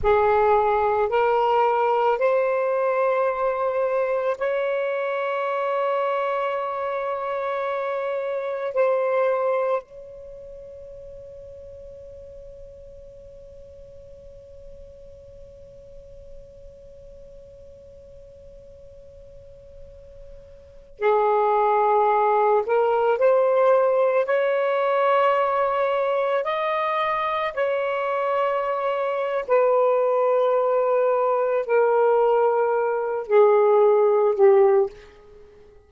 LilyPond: \new Staff \with { instrumentName = "saxophone" } { \time 4/4 \tempo 4 = 55 gis'4 ais'4 c''2 | cis''1 | c''4 cis''2.~ | cis''1~ |
cis''2.~ cis''16 gis'8.~ | gis'8. ais'8 c''4 cis''4.~ cis''16~ | cis''16 dis''4 cis''4.~ cis''16 b'4~ | b'4 ais'4. gis'4 g'8 | }